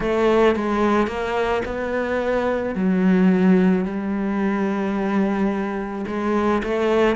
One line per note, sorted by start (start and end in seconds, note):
0.00 0.55 A3
0.55 1.07 G#3
1.07 1.62 A#3
1.65 2.75 B3
2.75 3.85 F#3
3.85 6.05 G3
6.07 6.62 G#3
6.63 7.16 A3